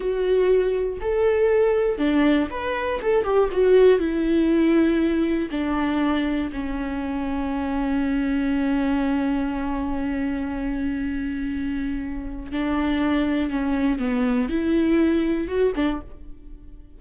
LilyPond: \new Staff \with { instrumentName = "viola" } { \time 4/4 \tempo 4 = 120 fis'2 a'2 | d'4 b'4 a'8 g'8 fis'4 | e'2. d'4~ | d'4 cis'2.~ |
cis'1~ | cis'1~ | cis'4 d'2 cis'4 | b4 e'2 fis'8 d'8 | }